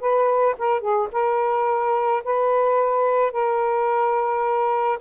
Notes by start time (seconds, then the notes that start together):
0.00 B4
0.58 A#4
0.81 G#4
1.12 A#4
2.24 B4
3.32 A#4